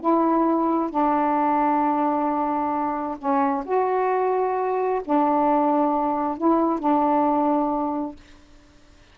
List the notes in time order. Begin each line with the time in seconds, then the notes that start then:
0.00 E4
0.90 D4
3.19 C#4
3.65 F#4
5.04 D4
6.37 E4
6.79 D4